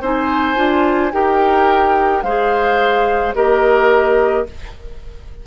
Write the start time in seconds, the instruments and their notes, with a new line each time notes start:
0.00 bassoon C4, clarinet D#4, oboe C5, flute G#5
0.55 bassoon D4, clarinet F4
1.12 bassoon D#4, clarinet G4, oboe A#4, flute G5
2.22 bassoon G#3, clarinet G#4, oboe C5, flute F5
3.34 bassoon A#3, clarinet G4, oboe A#4, flute D#5